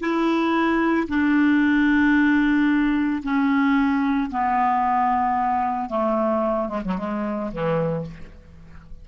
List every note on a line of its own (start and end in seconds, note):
0.00 1.07 E4
1.08 3.22 D4
3.23 4.30 C#4
4.31 5.89 B3
5.89 6.68 A3
6.68 6.82 G#3
6.84 6.98 F#3
6.98 7.51 G#3
7.52 8.06 E3